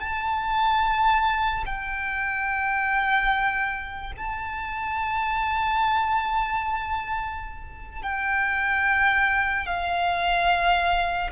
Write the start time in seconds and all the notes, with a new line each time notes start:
0.00 A5
1.66 G5
4.18 A5
8.03 G5
9.66 F5